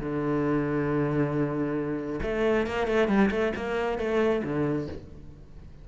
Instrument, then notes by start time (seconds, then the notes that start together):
cello
0.00 D3
2.23 A3
2.67 A#3
2.87 A3
3.08 G3
3.31 A3
3.56 A#3
3.98 A3
4.44 D3